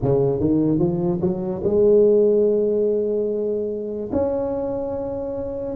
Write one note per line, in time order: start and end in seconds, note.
0.02 0.40 C#3
0.40 0.78 D#3
0.78 1.20 F3
1.21 1.62 F#3
1.64 4.10 G#3
4.12 5.75 C#4